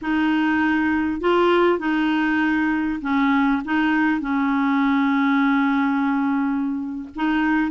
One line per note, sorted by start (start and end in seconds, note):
0.01 1.20 D#4
1.20 1.79 F4
1.79 3.00 D#4
3.01 3.62 C#4
3.64 4.20 D#4
4.20 7.08 C#4
7.15 7.71 D#4